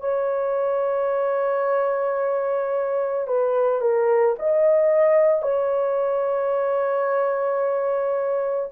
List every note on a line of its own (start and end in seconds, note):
0.00 3.27 C#5
3.27 3.81 B4
3.81 4.35 A#4
4.39 5.42 D#5
5.42 8.70 C#5